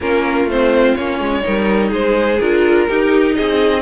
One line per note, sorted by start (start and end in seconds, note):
0.00 0.44 A#3
0.00 0.48 C#4
0.00 1.45 F4
0.00 0.49 A#4
0.44 0.92 A3
0.44 0.97 C4
0.44 0.95 C5
0.95 1.19 A#3
0.95 1.42 C#4
0.95 1.91 C#5
1.19 1.43 G#3
1.42 1.91 G3
1.42 2.38 D#4
1.42 1.89 A#4
1.89 2.39 G#3
1.89 2.85 G#4
1.89 2.39 C5
2.39 2.88 D4
2.39 2.88 F4
2.39 3.34 A#4
2.88 3.81 D#4
2.88 3.38 D#4
2.88 3.36 G4
3.34 3.81 C4
3.34 3.81 G#4
3.34 3.81 D#5